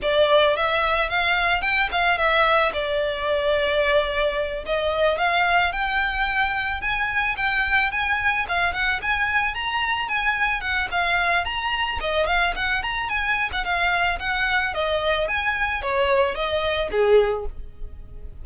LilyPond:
\new Staff \with { instrumentName = "violin" } { \time 4/4 \tempo 4 = 110 d''4 e''4 f''4 g''8 f''8 | e''4 d''2.~ | d''8 dis''4 f''4 g''4.~ | g''8 gis''4 g''4 gis''4 f''8 |
fis''8 gis''4 ais''4 gis''4 fis''8 | f''4 ais''4 dis''8 f''8 fis''8 ais''8 | gis''8. fis''16 f''4 fis''4 dis''4 | gis''4 cis''4 dis''4 gis'4 | }